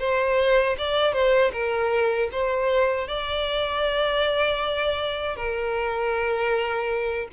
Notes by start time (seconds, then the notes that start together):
0.00 C5
0.78 D5
1.13 C5
1.53 A#4
2.32 C5
3.08 D5
5.37 A#4